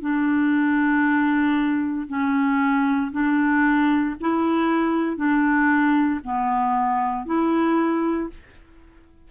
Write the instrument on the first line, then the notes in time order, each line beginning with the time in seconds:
clarinet
0.00 D4
2.08 C#4
3.12 D4
4.20 E4
5.16 D4
6.24 B3
7.26 E4